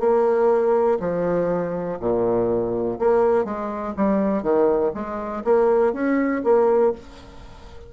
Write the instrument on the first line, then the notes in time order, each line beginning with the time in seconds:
bassoon
0.00 A#3
1.00 F3
2.00 A#2
3.00 A#3
3.45 G#3
3.97 G3
4.43 D#3
4.94 G#3
5.44 A#3
5.93 C#4
6.44 A#3